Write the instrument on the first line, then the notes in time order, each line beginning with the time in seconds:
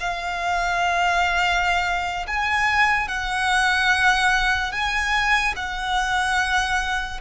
violin
0.00 F5
2.28 G#5
3.08 F#5
4.72 G#5
5.56 F#5